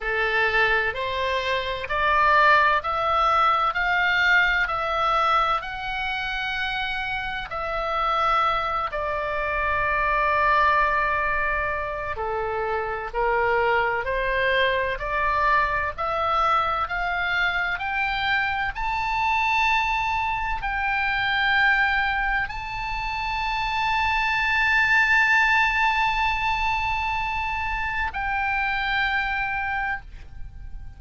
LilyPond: \new Staff \with { instrumentName = "oboe" } { \time 4/4 \tempo 4 = 64 a'4 c''4 d''4 e''4 | f''4 e''4 fis''2 | e''4. d''2~ d''8~ | d''4 a'4 ais'4 c''4 |
d''4 e''4 f''4 g''4 | a''2 g''2 | a''1~ | a''2 g''2 | }